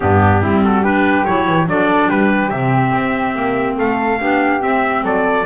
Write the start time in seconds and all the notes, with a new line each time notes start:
0.00 G2 B3 D4 G4
0.41 G3 C4 E4
0.64 F#4 A4
0.83 D4 G4 B4
1.25 F#3 E4 C#5
1.47 E3
1.66 F#3 D4 A4 D5
2.08 G3 G4 B4
2.50 C3 C4 E5
2.93 C4
3.35 A#3
3.77 A3 A4 F5
4.19 B3 D4 G4
4.59 C4 E5
5.02 F#3 A4 D5